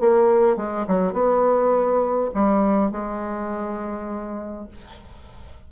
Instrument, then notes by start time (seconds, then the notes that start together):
bassoon
0.00 A#3
0.56 G#3
0.87 F#3
1.13 B3
2.34 G3
2.91 G#3